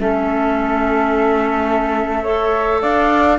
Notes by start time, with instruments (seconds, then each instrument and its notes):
0.00 cello A3, clarinet C#4, flute A4 E5
2.24 clarinet A4, flute C#5
2.82 cello D4, flute D5 F5